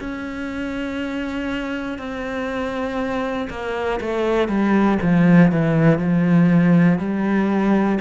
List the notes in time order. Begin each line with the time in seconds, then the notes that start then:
0.00 C#4
1.98 C4
3.50 A#3
4.00 A3
4.48 G3
5.02 F3
5.52 E3
5.99 F3
6.99 G3